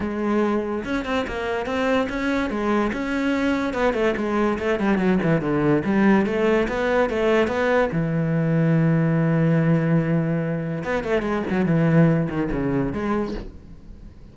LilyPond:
\new Staff \with { instrumentName = "cello" } { \time 4/4 \tempo 4 = 144 gis2 cis'8 c'8 ais4 | c'4 cis'4 gis4 cis'4~ | cis'4 b8 a8 gis4 a8 g8 | fis8 e8 d4 g4 a4 |
b4 a4 b4 e4~ | e1~ | e2 b8 a8 gis8 fis8 | e4. dis8 cis4 gis4 | }